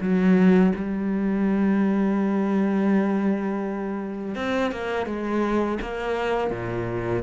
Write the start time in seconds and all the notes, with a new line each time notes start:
0.00 F#3
0.75 G3
4.35 C4
4.72 A#3
5.06 G#3
5.81 A#3
6.50 A#2